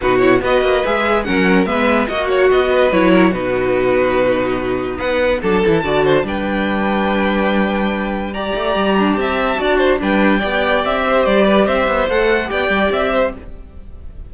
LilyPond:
<<
  \new Staff \with { instrumentName = "violin" } { \time 4/4 \tempo 4 = 144 b'8 cis''8 dis''4 e''4 fis''4 | e''4 dis''8 cis''8 dis''4 cis''4 | b'1 | fis''4 a''2 g''4~ |
g''1 | ais''2 a''2 | g''2 e''4 d''4 | e''4 fis''4 g''4 e''4 | }
  \new Staff \with { instrumentName = "violin" } { \time 4/4 fis'4 b'2 ais'4 | b'4 fis'4. b'4 ais'8 | fis'1 | b'4 a'4 d''8 c''8 b'4~ |
b'1 | d''4. d'8 e''4 d''8 c''8 | b'4 d''4. c''4 b'8 | c''2 d''4. c''8 | }
  \new Staff \with { instrumentName = "viola" } { \time 4/4 dis'8 e'8 fis'4 gis'4 cis'4 | b4 fis'2 e'4 | dis'1~ | dis'4 d'8 e'8 fis'4 d'4~ |
d'1 | g'2. fis'4 | d'4 g'2.~ | g'4 a'4 g'2 | }
  \new Staff \with { instrumentName = "cello" } { \time 4/4 b,4 b8 ais8 gis4 fis4 | gis4 ais4 b4 fis4 | b,1 | b4 fis8 e8 d4 g4~ |
g1~ | g8 a8 g4 c'4 d'4 | g4 b4 c'4 g4 | c'8 b8 a4 b8 g8 c'4 | }
>>